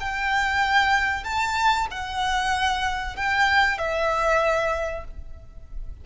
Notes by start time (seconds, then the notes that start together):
0.00 G5
1.24 A5
1.91 F#5
3.16 G5
3.78 E5